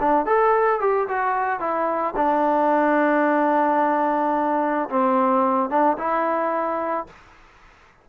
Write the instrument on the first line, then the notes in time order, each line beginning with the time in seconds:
trombone
0.00 D4
0.26 A4
0.80 G4
1.08 F#4
1.60 E4
2.16 D4
4.90 C4
5.70 D4
5.98 E4